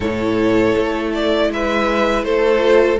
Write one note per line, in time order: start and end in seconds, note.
0.00 0.74 A2
0.00 2.58 E4
0.00 1.47 A4
0.00 1.13 C#5
0.77 1.50 A3
1.14 1.51 D5
1.50 2.23 G#3
1.50 2.25 B4
1.50 2.24 E5
2.23 2.98 A3
2.23 3.00 A4
2.23 2.99 C5
2.58 2.96 F4